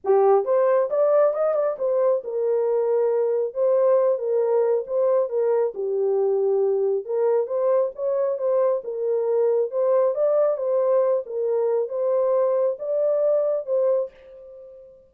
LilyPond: \new Staff \with { instrumentName = "horn" } { \time 4/4 \tempo 4 = 136 g'4 c''4 d''4 dis''8 d''8 | c''4 ais'2. | c''4. ais'4. c''4 | ais'4 g'2. |
ais'4 c''4 cis''4 c''4 | ais'2 c''4 d''4 | c''4. ais'4. c''4~ | c''4 d''2 c''4 | }